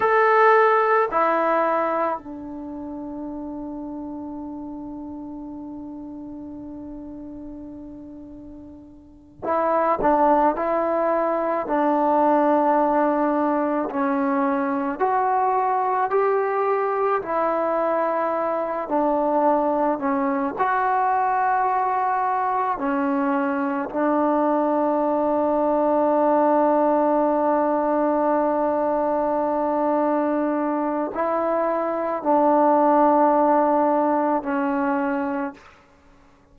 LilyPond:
\new Staff \with { instrumentName = "trombone" } { \time 4/4 \tempo 4 = 54 a'4 e'4 d'2~ | d'1~ | d'8 e'8 d'8 e'4 d'4.~ | d'8 cis'4 fis'4 g'4 e'8~ |
e'4 d'4 cis'8 fis'4.~ | fis'8 cis'4 d'2~ d'8~ | d'1 | e'4 d'2 cis'4 | }